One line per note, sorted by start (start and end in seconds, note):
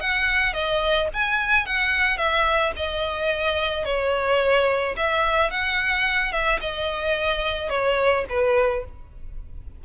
0.00 0.53 F#5
0.53 1.08 D#5
1.13 1.66 G#5
1.66 2.17 F#5
2.17 2.72 E5
2.76 3.85 D#5
3.85 4.95 C#5
4.97 5.50 E5
5.50 6.32 F#5
6.32 6.59 E5
6.61 7.69 D#5
7.69 8.24 C#5
8.29 8.84 B4